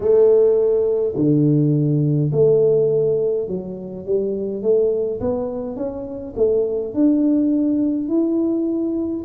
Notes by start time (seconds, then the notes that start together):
0.00 A3
1.15 D3
2.32 A3
3.47 F#3
4.05 G3
4.62 A3
5.20 B3
5.76 C#4
6.36 A3
6.94 D4
8.08 E4